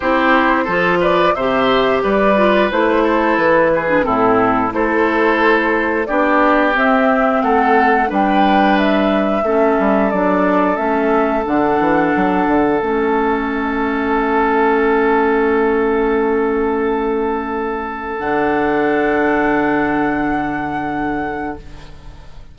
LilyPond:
<<
  \new Staff \with { instrumentName = "flute" } { \time 4/4 \tempo 4 = 89 c''4. d''8 e''4 d''4 | c''4 b'4 a'4 c''4~ | c''4 d''4 e''4 fis''4 | g''4 e''2 d''4 |
e''4 fis''2 e''4~ | e''1~ | e''2. fis''4~ | fis''1 | }
  \new Staff \with { instrumentName = "oboe" } { \time 4/4 g'4 a'8 b'8 c''4 b'4~ | b'8 a'4 gis'8 e'4 a'4~ | a'4 g'2 a'4 | b'2 a'2~ |
a'1~ | a'1~ | a'1~ | a'1 | }
  \new Staff \with { instrumentName = "clarinet" } { \time 4/4 e'4 f'4 g'4. f'8 | e'4.~ e'16 d'16 c'4 e'4~ | e'4 d'4 c'2 | d'2 cis'4 d'4 |
cis'4 d'2 cis'4~ | cis'1~ | cis'2. d'4~ | d'1 | }
  \new Staff \with { instrumentName = "bassoon" } { \time 4/4 c'4 f4 c4 g4 | a4 e4 a,4 a4~ | a4 b4 c'4 a4 | g2 a8 g8 fis4 |
a4 d8 e8 fis8 d8 a4~ | a1~ | a2. d4~ | d1 | }
>>